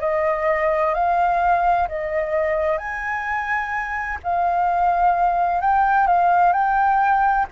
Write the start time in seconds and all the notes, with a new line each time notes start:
0.00 D#5
0.94 F5
1.88 D#5
2.77 G#5
4.23 F5
5.60 G5
6.07 F5
6.52 G5